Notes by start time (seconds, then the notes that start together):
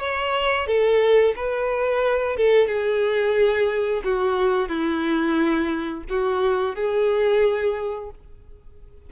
0.00 C#5
0.67 A4
1.36 B4
2.37 A4
2.68 G#4
4.04 F#4
4.69 E4
6.10 F#4
6.76 G#4